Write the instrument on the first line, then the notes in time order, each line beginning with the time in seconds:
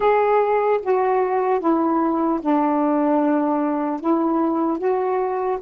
saxophone
0.00 G#4
0.82 F#4
1.60 E4
2.41 D4
4.00 E4
4.78 F#4